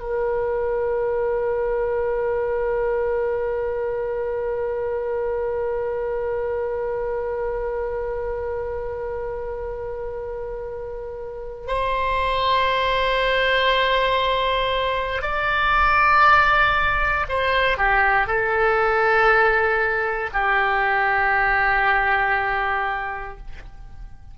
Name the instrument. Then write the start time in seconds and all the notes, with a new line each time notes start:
oboe
0.00 A#4
11.67 C5
15.22 D5
17.29 C5
17.78 G4
18.27 A4
20.33 G4